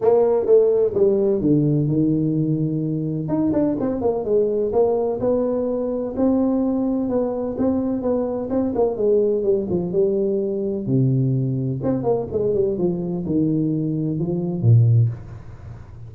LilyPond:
\new Staff \with { instrumentName = "tuba" } { \time 4/4 \tempo 4 = 127 ais4 a4 g4 d4 | dis2. dis'8 d'8 | c'8 ais8 gis4 ais4 b4~ | b4 c'2 b4 |
c'4 b4 c'8 ais8 gis4 | g8 f8 g2 c4~ | c4 c'8 ais8 gis8 g8 f4 | dis2 f4 ais,4 | }